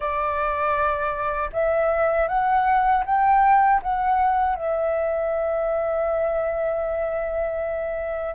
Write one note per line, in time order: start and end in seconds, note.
0.00 1.50 D5
1.52 2.28 E5
2.28 3.03 F#5
3.05 3.81 G5
3.82 4.55 F#5
4.55 8.35 E5